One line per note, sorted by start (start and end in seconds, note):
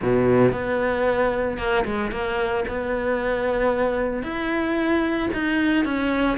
0.01 0.51 B2
0.51 1.57 B3
1.57 1.84 A#3
1.84 2.11 G#3
2.11 2.64 A#3
2.68 4.22 B3
4.22 5.29 E4
5.33 5.84 D#4
5.84 6.37 C#4